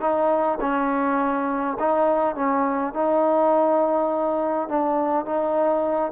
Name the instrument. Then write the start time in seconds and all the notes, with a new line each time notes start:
trombone
0.00 D#4
0.61 C#4
1.79 D#4
2.35 C#4
2.94 D#4
4.69 D4
5.25 D#4